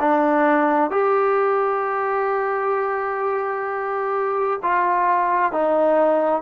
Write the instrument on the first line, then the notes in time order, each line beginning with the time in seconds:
trombone
0.00 D4
0.91 G4
4.63 F4
5.53 D#4